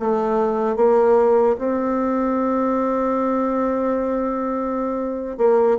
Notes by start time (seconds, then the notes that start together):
0.00 A3
0.77 A#3
1.59 C4
5.38 A#3